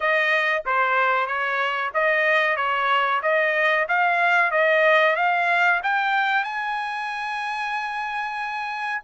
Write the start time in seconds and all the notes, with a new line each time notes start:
0.00 D#5
0.65 C5
1.26 C#5
1.94 D#5
2.56 C#5
3.22 D#5
3.88 F5
4.51 D#5
5.16 F5
5.83 G5
6.43 G#5